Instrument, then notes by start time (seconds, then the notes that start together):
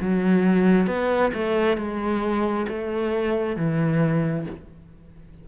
cello
0.00 F#3
0.87 B3
1.34 A3
1.77 G#3
2.68 A3
3.56 E3